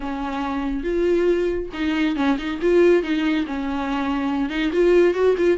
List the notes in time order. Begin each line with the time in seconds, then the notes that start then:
0.00 C#4
0.83 F4
1.73 D#4
2.15 C#4
2.38 D#4
2.61 F4
3.02 D#4
3.46 C#4
4.49 D#4
4.72 F4
5.14 F#4
5.37 F4